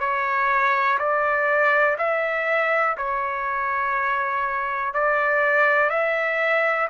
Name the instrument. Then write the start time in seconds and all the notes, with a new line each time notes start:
trumpet
0.00 C#5
0.99 D5
1.99 E5
2.98 C#5
4.94 D5
5.90 E5